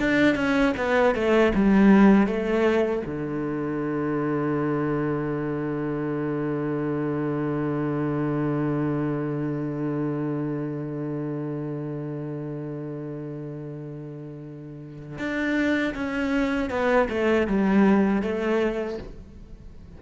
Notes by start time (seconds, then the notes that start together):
0.00 D4
0.36 C#4
0.77 B3
1.15 A3
1.55 G3
2.27 A3
3.06 D3
15.19 D4
15.95 C#4
16.70 B3
17.10 A3
17.48 G3
18.22 A3